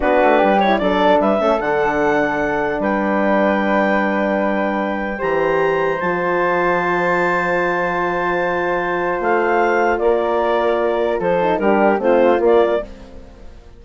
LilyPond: <<
  \new Staff \with { instrumentName = "clarinet" } { \time 4/4 \tempo 4 = 150 b'4. cis''8 d''4 e''4 | fis''2. g''4~ | g''1~ | g''4 ais''2 a''4~ |
a''1~ | a''2. f''4~ | f''4 d''2. | c''4 ais'4 c''4 d''4 | }
  \new Staff \with { instrumentName = "flute" } { \time 4/4 fis'4 g'4 a'4 b'8 a'8~ | a'2. b'4~ | b'1~ | b'4 c''2.~ |
c''1~ | c''1~ | c''4 ais'2. | a'4 g'4 f'2 | }
  \new Staff \with { instrumentName = "horn" } { \time 4/4 d'4. e'8 d'4. cis'8 | d'1~ | d'1~ | d'4 g'2 f'4~ |
f'1~ | f'1~ | f'1~ | f'8 dis'8 d'4 c'4 ais4 | }
  \new Staff \with { instrumentName = "bassoon" } { \time 4/4 b8 a8 g4 fis4 g8 a8 | d2. g4~ | g1~ | g4 e2 f4~ |
f1~ | f2. a4~ | a4 ais2. | f4 g4 a4 ais4 | }
>>